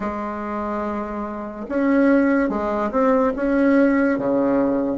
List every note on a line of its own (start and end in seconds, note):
0.00 1.66 G#3
1.68 2.48 C#4
2.48 2.90 G#3
2.91 3.33 C4
3.36 4.18 C#4
4.18 4.97 C#3